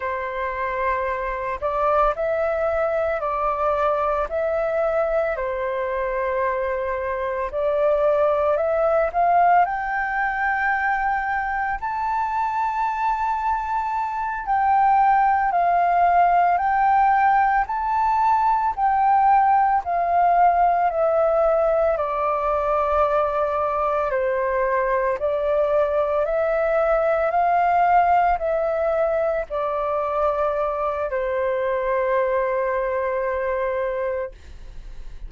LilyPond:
\new Staff \with { instrumentName = "flute" } { \time 4/4 \tempo 4 = 56 c''4. d''8 e''4 d''4 | e''4 c''2 d''4 | e''8 f''8 g''2 a''4~ | a''4. g''4 f''4 g''8~ |
g''8 a''4 g''4 f''4 e''8~ | e''8 d''2 c''4 d''8~ | d''8 e''4 f''4 e''4 d''8~ | d''4 c''2. | }